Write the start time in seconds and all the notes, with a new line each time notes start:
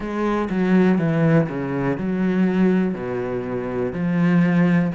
0.00 G#3
0.50 F#3
0.98 E3
1.48 C#3
1.97 F#3
2.94 B2
3.93 F3